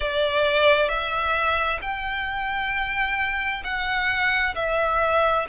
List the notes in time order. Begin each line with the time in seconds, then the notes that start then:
0.00 D5
0.88 E5
1.81 G5
3.64 F#5
4.55 E5